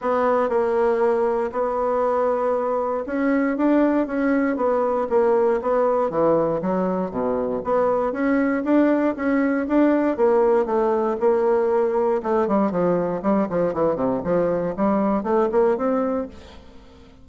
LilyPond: \new Staff \with { instrumentName = "bassoon" } { \time 4/4 \tempo 4 = 118 b4 ais2 b4~ | b2 cis'4 d'4 | cis'4 b4 ais4 b4 | e4 fis4 b,4 b4 |
cis'4 d'4 cis'4 d'4 | ais4 a4 ais2 | a8 g8 f4 g8 f8 e8 c8 | f4 g4 a8 ais8 c'4 | }